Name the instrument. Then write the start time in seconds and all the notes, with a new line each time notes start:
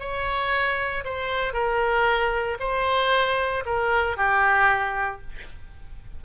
oboe
0.00 C#5
1.05 C5
1.53 A#4
2.60 C5
3.66 A#4
4.17 G4